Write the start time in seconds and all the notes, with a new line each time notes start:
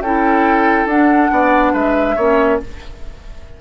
0.00 C#4 E4 A4 G5
0.85 D4 F#5
1.31 B3 D5
1.72 G#3 B4 E5
2.15 A#3 C#4 C#5